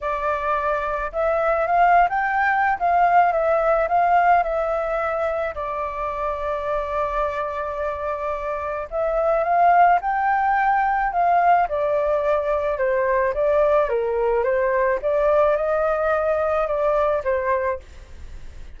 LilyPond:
\new Staff \with { instrumentName = "flute" } { \time 4/4 \tempo 4 = 108 d''2 e''4 f''8. g''16~ | g''4 f''4 e''4 f''4 | e''2 d''2~ | d''1 |
e''4 f''4 g''2 | f''4 d''2 c''4 | d''4 ais'4 c''4 d''4 | dis''2 d''4 c''4 | }